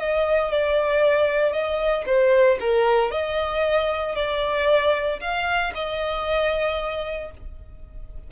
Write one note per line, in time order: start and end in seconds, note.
0.00 0.52 D#5
0.52 1.53 D5
1.53 2.05 D#5
2.07 2.59 C5
2.61 3.11 A#4
3.11 4.16 D#5
4.16 5.21 D5
5.21 5.73 F5
5.75 7.32 D#5